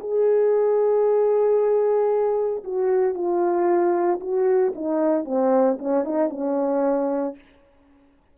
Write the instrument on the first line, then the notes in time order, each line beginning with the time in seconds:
horn
0.00 G#4
2.64 F#4
3.14 F4
4.21 F#4
4.75 D#4
5.25 C4
5.79 C#4
6.04 D#4
6.30 C#4